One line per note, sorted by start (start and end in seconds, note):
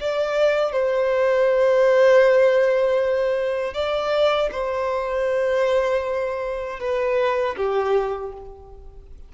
0.00 0.72 D5
0.72 3.74 C5
3.74 4.49 D5
4.52 6.80 C5
6.80 7.56 B4
7.57 8.33 G4